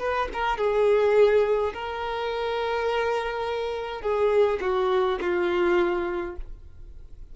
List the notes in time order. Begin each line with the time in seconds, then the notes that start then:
0.00 B4
0.34 A#4
0.58 G#4
1.74 A#4
4.02 G#4
4.62 F#4
5.21 F4